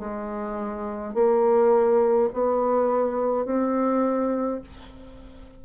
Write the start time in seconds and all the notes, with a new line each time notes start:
0.00 G#3
1.14 A#3
2.34 B3
3.46 C4